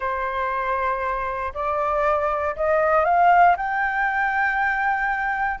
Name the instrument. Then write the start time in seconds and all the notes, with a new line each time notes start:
flute
0.00 C5
1.53 D5
2.56 D#5
3.05 F5
3.56 G5